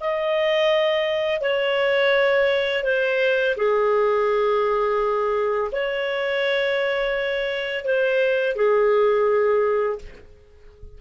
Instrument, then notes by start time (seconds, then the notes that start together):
clarinet
0.00 D#5
1.41 C#5
2.84 C5
3.56 G#4
5.72 C#5
7.85 C5
8.56 G#4